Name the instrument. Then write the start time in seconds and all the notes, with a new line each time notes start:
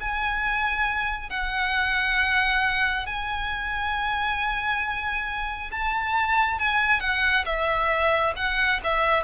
violin
0.00 G#5
1.30 F#5
3.06 G#5
5.71 A5
6.59 G#5
7.00 F#5
7.45 E5
8.36 F#5
8.83 E5